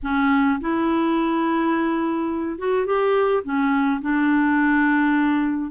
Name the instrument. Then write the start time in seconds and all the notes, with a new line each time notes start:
clarinet
0.02 C#4
0.60 E4
2.58 F#4
2.86 G4
3.43 C#4
4.01 D4